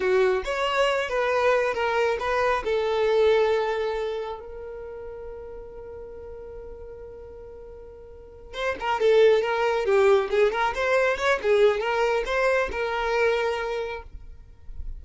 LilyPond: \new Staff \with { instrumentName = "violin" } { \time 4/4 \tempo 4 = 137 fis'4 cis''4. b'4. | ais'4 b'4 a'2~ | a'2 ais'2~ | ais'1~ |
ais'2.~ ais'8 c''8 | ais'8 a'4 ais'4 g'4 gis'8 | ais'8 c''4 cis''8 gis'4 ais'4 | c''4 ais'2. | }